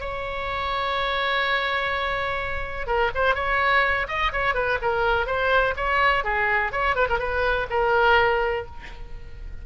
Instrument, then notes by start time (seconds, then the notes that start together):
oboe
0.00 C#5
2.87 A#4
3.15 C5
3.35 C#5
4.08 D#5
4.32 C#5
4.54 B4
4.81 A#4
5.26 C5
5.76 C#5
6.24 G#4
6.72 C#5
6.96 B4
7.09 A#4
7.19 B4
7.70 A#4